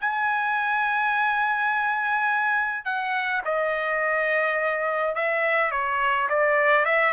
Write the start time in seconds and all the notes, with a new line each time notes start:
0.00 G#5
2.85 F#5
3.45 D#5
5.15 E5
5.71 C#5
6.29 D5
6.85 E5